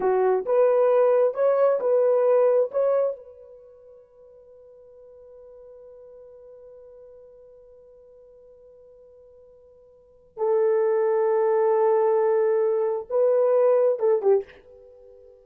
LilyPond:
\new Staff \with { instrumentName = "horn" } { \time 4/4 \tempo 4 = 133 fis'4 b'2 cis''4 | b'2 cis''4 b'4~ | b'1~ | b'1~ |
b'1~ | b'2. a'4~ | a'1~ | a'4 b'2 a'8 g'8 | }